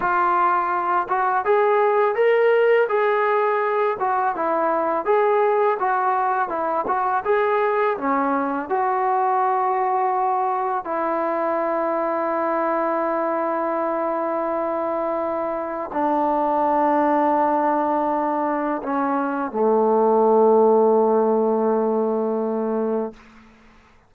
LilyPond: \new Staff \with { instrumentName = "trombone" } { \time 4/4 \tempo 4 = 83 f'4. fis'8 gis'4 ais'4 | gis'4. fis'8 e'4 gis'4 | fis'4 e'8 fis'8 gis'4 cis'4 | fis'2. e'4~ |
e'1~ | e'2 d'2~ | d'2 cis'4 a4~ | a1 | }